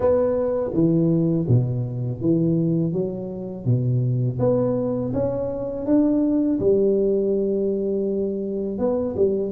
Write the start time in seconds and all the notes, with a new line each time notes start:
0.00 B3
0.73 E3
1.47 B2
2.21 E3
2.92 F#3
3.65 B2
4.39 B3
5.13 C#4
5.85 D4
6.59 G3
8.78 B3
9.16 G3